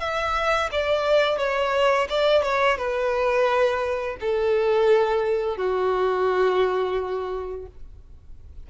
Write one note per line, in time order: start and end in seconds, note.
0.00 0.70 E5
0.72 1.38 D5
1.38 2.08 C#5
2.09 2.43 D5
2.43 2.77 C#5
2.77 4.17 B4
4.21 5.57 A4
5.57 7.66 F#4